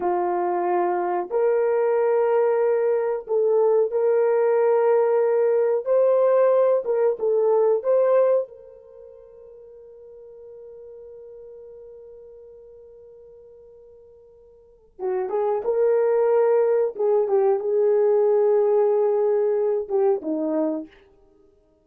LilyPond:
\new Staff \with { instrumentName = "horn" } { \time 4/4 \tempo 4 = 92 f'2 ais'2~ | ais'4 a'4 ais'2~ | ais'4 c''4. ais'8 a'4 | c''4 ais'2.~ |
ais'1~ | ais'2. fis'8 gis'8 | ais'2 gis'8 g'8 gis'4~ | gis'2~ gis'8 g'8 dis'4 | }